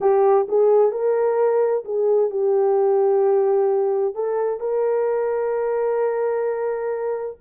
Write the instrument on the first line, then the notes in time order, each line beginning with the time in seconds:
horn
0.00 G4
0.48 G#4
0.91 A#4
1.84 G#4
2.30 G4
4.14 A4
4.59 A#4